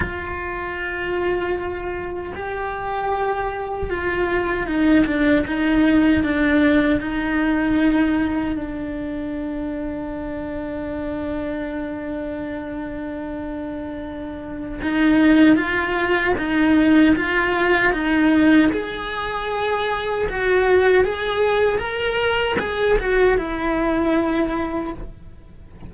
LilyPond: \new Staff \with { instrumentName = "cello" } { \time 4/4 \tempo 4 = 77 f'2. g'4~ | g'4 f'4 dis'8 d'8 dis'4 | d'4 dis'2 d'4~ | d'1~ |
d'2. dis'4 | f'4 dis'4 f'4 dis'4 | gis'2 fis'4 gis'4 | ais'4 gis'8 fis'8 e'2 | }